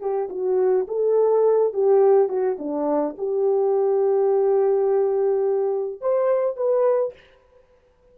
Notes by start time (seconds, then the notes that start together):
0.00 G4
0.29 F#4
0.88 A4
1.74 G4
2.28 F#4
2.59 D4
3.17 G4
6.01 C5
6.56 B4